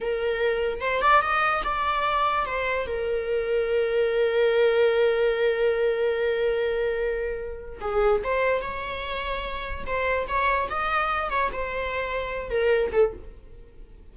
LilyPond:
\new Staff \with { instrumentName = "viola" } { \time 4/4 \tempo 4 = 146 ais'2 c''8 d''8 dis''4 | d''2 c''4 ais'4~ | ais'1~ | ais'1~ |
ais'2. gis'4 | c''4 cis''2. | c''4 cis''4 dis''4. cis''8 | c''2~ c''8 ais'4 a'8 | }